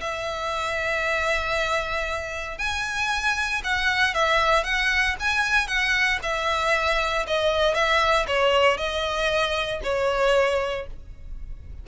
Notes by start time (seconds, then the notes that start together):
0.00 E5
2.58 G#5
3.63 F#5
4.14 E5
4.64 F#5
5.19 G#5
5.67 F#5
6.22 E5
7.27 D#5
7.74 E5
8.27 C#5
8.77 D#5
9.83 C#5